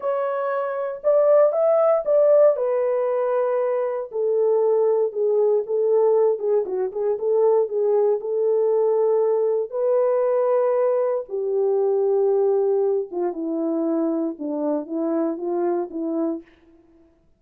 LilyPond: \new Staff \with { instrumentName = "horn" } { \time 4/4 \tempo 4 = 117 cis''2 d''4 e''4 | d''4 b'2. | a'2 gis'4 a'4~ | a'8 gis'8 fis'8 gis'8 a'4 gis'4 |
a'2. b'4~ | b'2 g'2~ | g'4. f'8 e'2 | d'4 e'4 f'4 e'4 | }